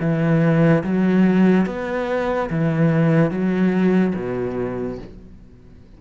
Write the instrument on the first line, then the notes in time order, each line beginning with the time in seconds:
cello
0.00 E3
0.84 F#3
1.66 B3
2.50 E3
3.31 F#3
4.16 B2